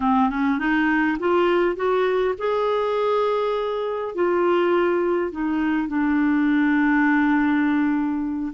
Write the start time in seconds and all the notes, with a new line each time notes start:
0.00 C4
0.29 C#4
0.58 D#4
1.19 F4
1.76 F#4
2.38 G#4
4.14 F4
5.31 D#4
5.88 D4